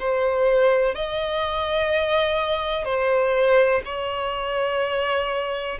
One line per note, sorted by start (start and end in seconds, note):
0.00 0.95 C5
0.95 2.85 D#5
2.85 3.82 C5
3.85 5.79 C#5